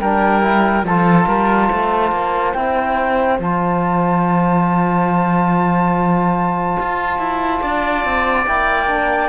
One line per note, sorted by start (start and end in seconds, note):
0.00 0.84 G3
0.00 0.42 D4
0.00 0.86 A#4
0.00 0.85 G5
0.42 0.84 E4
0.84 1.26 F3
0.84 2.56 F4
0.84 1.28 A4
0.84 2.54 A5
1.27 1.69 G3
1.27 1.71 A#4
1.71 2.12 A3
1.71 7.62 C5
2.12 2.54 A#3
2.54 3.39 C4
2.54 3.40 E4
2.54 3.39 G5
3.39 6.77 F3
3.39 8.46 F4
3.39 8.48 A5
6.80 7.18 F4
7.18 7.61 E4
7.62 8.05 D4
7.62 9.29 D5
8.05 8.47 C4
8.46 9.29 A#3
8.46 8.88 E4
8.46 9.29 G5
8.88 9.29 D4